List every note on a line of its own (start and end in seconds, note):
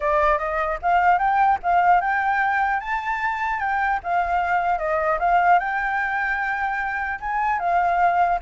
0.00 0.38 D5
0.38 0.78 D#5
0.82 1.18 F5
1.18 1.58 G5
1.62 2.00 F5
2.00 2.80 G5
2.80 3.59 A5
3.59 3.99 G5
4.03 4.78 F5
4.78 5.18 D#5
5.19 5.59 F5
5.59 7.19 G5
7.20 7.59 G#5
7.59 8.39 F5